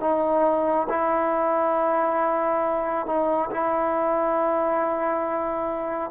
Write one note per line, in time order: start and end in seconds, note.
0.00 0.87 D#4
0.89 3.06 E4
3.06 3.49 D#4
3.51 6.10 E4